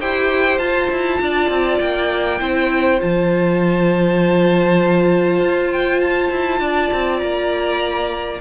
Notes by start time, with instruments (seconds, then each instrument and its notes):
0.00 cello E4, viola G4, violin C5 G5
0.58 cello F4, viola F4, violin A5
0.90 cello E4
1.21 cello D4, violin D5
1.49 cello C4
1.80 cello A#3, violin G5
2.39 cello C4, viola E4, violin C5
3.00 cello F3, viola F4, violin A5
5.40 cello F4
5.72 violin G5
6.00 violin A5
6.30 cello E4
6.59 cello D4, violin D5
6.92 cello C4
7.19 cello A#3, violin A#5